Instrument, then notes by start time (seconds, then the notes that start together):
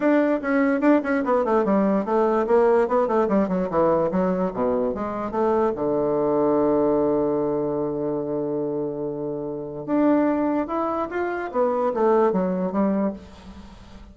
bassoon
0.00 D4
0.41 C#4
0.80 D4
1.03 C#4
1.24 B3
1.45 A3
1.64 G3
2.05 A3
2.47 A#3
2.88 B3
3.07 A3
3.28 G3
3.48 F#3
3.69 E3
4.11 F#3
4.53 B2
4.94 G#3
5.31 A3
5.75 D3
9.86 D4
10.67 E4
11.10 F4
11.51 B3
11.93 A3
12.32 F#3
12.72 G3